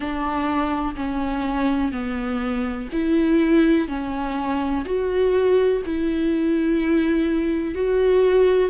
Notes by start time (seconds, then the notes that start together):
0.00 D4
0.95 C#4
1.92 B3
2.92 E4
3.88 C#4
4.85 F#4
5.85 E4
7.74 F#4